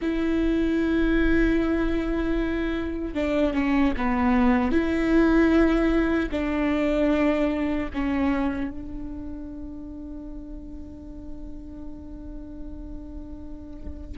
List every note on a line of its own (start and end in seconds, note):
0.01 3.14 E4
3.14 3.53 D4
3.53 3.93 C#4
3.97 4.71 B3
4.71 6.29 E4
6.31 7.89 D4
7.93 8.70 C#4
8.70 14.18 D4